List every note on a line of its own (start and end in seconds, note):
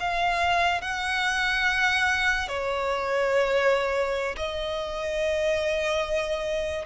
0.00 0.82 F5
0.82 2.48 F#5
2.48 4.36 C#5
4.37 6.86 D#5